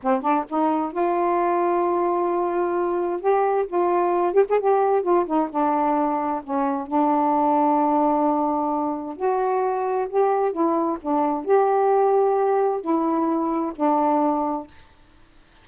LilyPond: \new Staff \with { instrumentName = "saxophone" } { \time 4/4 \tempo 4 = 131 c'8 d'8 dis'4 f'2~ | f'2. g'4 | f'4. g'16 gis'16 g'4 f'8 dis'8 | d'2 cis'4 d'4~ |
d'1 | fis'2 g'4 e'4 | d'4 g'2. | e'2 d'2 | }